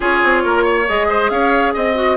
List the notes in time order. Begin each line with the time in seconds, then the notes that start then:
0.00 C#4 F4 G#4 C#5
0.23 C4
0.44 A#3 A#4
0.63 C#5
0.88 G#3 G#4 D#5
1.09 C5
1.29 C#4 C#5 F5
1.73 C4 D#5
1.94 F#4